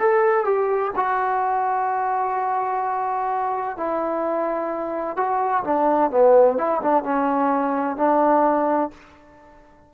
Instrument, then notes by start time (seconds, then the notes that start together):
trombone
0.00 A4
0.45 G4
0.96 F#4
3.78 E4
5.17 F#4
5.64 D4
6.11 B3
6.58 E4
6.82 D4
7.04 C#4
7.97 D4